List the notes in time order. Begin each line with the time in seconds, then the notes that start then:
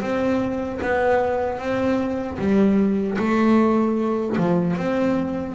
0.00 C4
0.81 B3
1.59 C4
2.38 G3
3.18 A3
4.37 F3
4.76 C4